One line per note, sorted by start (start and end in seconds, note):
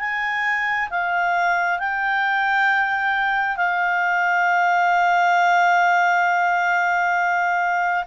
0.00 0.90 G#5
0.90 1.80 F5
1.80 3.57 G5
3.57 8.05 F5